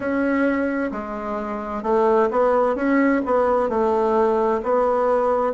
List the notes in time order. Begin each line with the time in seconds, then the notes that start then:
0.00 C#4
0.91 G#3
1.83 A3
2.30 B3
2.75 C#4
3.25 B3
3.69 A3
4.63 B3